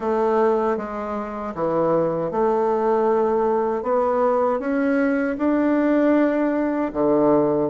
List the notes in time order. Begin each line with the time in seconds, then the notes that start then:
0.00 A3
0.77 G#3
1.55 E3
2.31 A3
3.83 B3
4.59 C#4
5.37 D4
6.93 D3